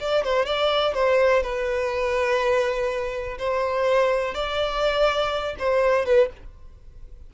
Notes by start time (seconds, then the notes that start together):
0.00 D5
0.24 C5
0.45 D5
0.94 C5
1.43 B4
3.39 C5
4.34 D5
5.59 C5
6.06 B4